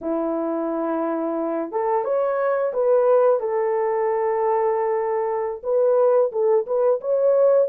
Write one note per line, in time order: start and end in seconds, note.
0.01 1.71 E4
1.71 2.04 A4
2.04 2.72 C#5
2.73 3.39 B4
3.39 5.61 A4
5.62 6.31 B4
6.32 6.66 A4
6.66 7.00 B4
7.00 7.68 C#5